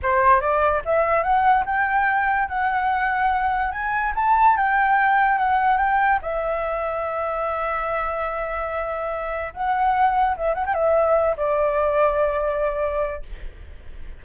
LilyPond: \new Staff \with { instrumentName = "flute" } { \time 4/4 \tempo 4 = 145 c''4 d''4 e''4 fis''4 | g''2 fis''2~ | fis''4 gis''4 a''4 g''4~ | g''4 fis''4 g''4 e''4~ |
e''1~ | e''2. fis''4~ | fis''4 e''8 fis''16 g''16 e''4. d''8~ | d''1 | }